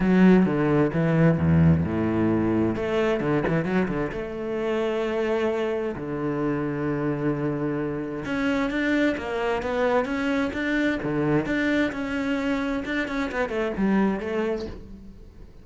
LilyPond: \new Staff \with { instrumentName = "cello" } { \time 4/4 \tempo 4 = 131 fis4 d4 e4 e,4 | a,2 a4 d8 e8 | fis8 d8 a2.~ | a4 d2.~ |
d2 cis'4 d'4 | ais4 b4 cis'4 d'4 | d4 d'4 cis'2 | d'8 cis'8 b8 a8 g4 a4 | }